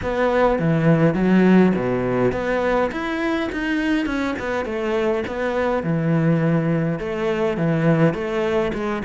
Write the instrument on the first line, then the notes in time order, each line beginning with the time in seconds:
cello
0.02 B3
0.59 E3
1.14 F#3
1.75 B2
2.32 B3
2.91 E4
3.52 D#4
4.05 C#4
4.39 B3
4.65 A3
5.27 B3
5.83 E3
6.99 A3
7.57 E3
8.13 A3
8.73 G#3